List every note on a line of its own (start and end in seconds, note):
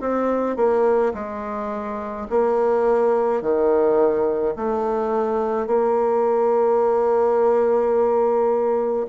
0.00 0.56 C4
0.56 1.13 A#3
1.14 2.27 G#3
2.30 3.41 A#3
3.41 4.54 D#3
4.56 5.67 A3
5.67 9.06 A#3